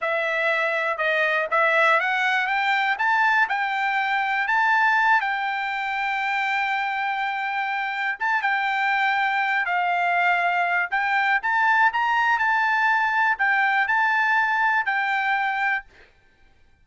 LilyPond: \new Staff \with { instrumentName = "trumpet" } { \time 4/4 \tempo 4 = 121 e''2 dis''4 e''4 | fis''4 g''4 a''4 g''4~ | g''4 a''4. g''4.~ | g''1~ |
g''8 a''8 g''2~ g''8 f''8~ | f''2 g''4 a''4 | ais''4 a''2 g''4 | a''2 g''2 | }